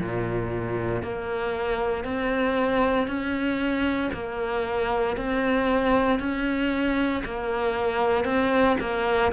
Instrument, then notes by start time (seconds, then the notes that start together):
cello
0.00 A#2
1.03 A#3
2.05 C4
3.08 C#4
4.14 A#3
5.17 C4
6.20 C#4
7.25 A#3
8.25 C4
8.81 A#3